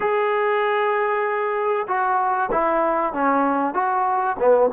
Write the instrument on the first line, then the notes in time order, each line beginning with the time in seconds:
trombone
0.00 G#4
1.87 F#4
2.51 E4
3.12 C#4
3.74 F#4
4.39 B3